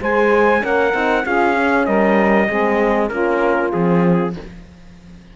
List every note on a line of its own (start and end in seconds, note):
0.00 0.63 G#3
0.00 0.60 G#4
0.00 0.62 C5
0.00 0.65 G#5
0.60 0.94 A#3
0.60 0.91 C#4
0.60 1.24 A#4
0.60 1.25 F#5
0.93 1.25 C4
0.93 1.24 D#4
1.25 1.87 C#4
1.25 1.55 F4
1.25 1.86 G#4
1.25 1.86 F5
1.55 2.47 C#4
1.86 2.49 G3
1.86 2.48 A#4
1.86 3.09 D#5
2.48 3.10 G#3
2.48 3.09 C4
2.48 3.10 G#4
3.09 3.72 A#3
3.09 3.70 C#4
3.09 4.34 F4
3.09 3.70 A#4
3.70 4.36 F3
3.70 4.32 C4
3.70 4.34 G#4